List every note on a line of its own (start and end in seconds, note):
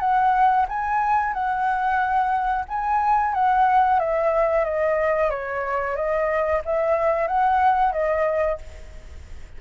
0.00 0.66 F#5
0.69 1.34 G#5
1.34 2.66 F#5
2.69 3.34 G#5
3.34 4.00 F#5
4.00 4.65 E5
4.65 5.30 D#5
5.30 5.96 C#5
5.96 6.62 D#5
6.65 7.28 E5
7.28 7.92 F#5
7.92 8.58 D#5